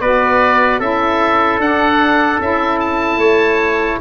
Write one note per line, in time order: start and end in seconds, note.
0.00 0.80 B3
0.00 0.80 F#4
0.00 0.79 B4
0.00 0.80 D5
0.79 1.59 C#4
0.79 1.60 E4
0.79 3.19 A4
0.79 1.60 E5
1.59 2.39 D4
1.59 2.41 D4
1.59 2.41 F#5
2.39 3.17 C#4
2.39 4.00 E4
2.39 2.79 E5
2.79 3.99 A5
3.17 3.97 A3
3.17 3.99 C#5